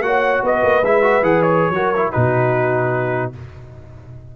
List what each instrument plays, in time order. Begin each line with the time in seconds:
0.00 tuba A#3, trombone F#4, horn C#5, trumpet F#5
0.43 tuba B3, horn B4, trumpet D#5
0.63 tuba A#3
0.83 tuba G#3, trombone E4, trumpet E5
1.02 trombone F#4
1.22 tuba E3, trombone G#4, trumpet F#5
1.42 trumpet C#5
1.70 tuba F#3, trombone F#4, horn A#4
1.96 trombone E4
2.12 tuba B2, trombone D#4, horn F#4, trumpet B4